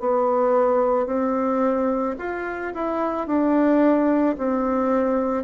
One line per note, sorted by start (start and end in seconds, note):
0.00 1.07 B3
1.07 2.16 C4
2.19 2.73 F4
2.75 3.27 E4
3.27 4.36 D4
4.38 5.44 C4